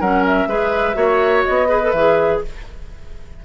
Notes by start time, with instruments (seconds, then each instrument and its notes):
0.00 bassoon F#3, clarinet C#4, oboe A#4, flute F#5
0.25 flute E5
0.47 bassoon G#3, clarinet G#4, oboe B4
0.94 bassoon A#3, clarinet F#4, oboe C#5
1.44 bassoon B3, flute D#5
1.68 clarinet G#4, oboe B4
1.82 clarinet A4
1.91 bassoon E3, clarinet G#4, flute E5